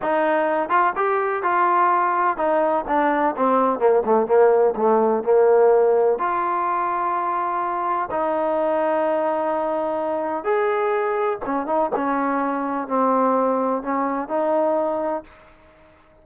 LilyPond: \new Staff \with { instrumentName = "trombone" } { \time 4/4 \tempo 4 = 126 dis'4. f'8 g'4 f'4~ | f'4 dis'4 d'4 c'4 | ais8 a8 ais4 a4 ais4~ | ais4 f'2.~ |
f'4 dis'2.~ | dis'2 gis'2 | cis'8 dis'8 cis'2 c'4~ | c'4 cis'4 dis'2 | }